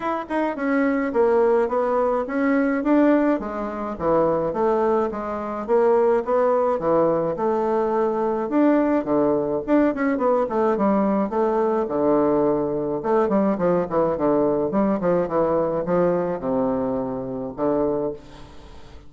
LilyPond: \new Staff \with { instrumentName = "bassoon" } { \time 4/4 \tempo 4 = 106 e'8 dis'8 cis'4 ais4 b4 | cis'4 d'4 gis4 e4 | a4 gis4 ais4 b4 | e4 a2 d'4 |
d4 d'8 cis'8 b8 a8 g4 | a4 d2 a8 g8 | f8 e8 d4 g8 f8 e4 | f4 c2 d4 | }